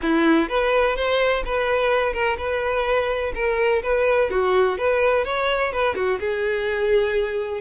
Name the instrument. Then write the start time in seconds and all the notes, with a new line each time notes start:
violin
0.02 E4
0.48 B4
0.95 C5
1.45 B4
2.13 A#4
2.37 B4
3.34 A#4
3.82 B4
4.30 F#4
4.78 B4
5.24 C#5
5.72 B4
5.95 F#4
6.20 G#4